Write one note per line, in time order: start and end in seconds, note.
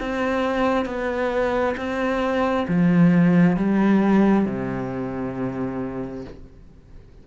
0.00 0.85 C4
0.85 1.75 B3
1.77 2.67 C4
2.68 3.57 F3
3.57 4.46 G3
4.46 6.25 C3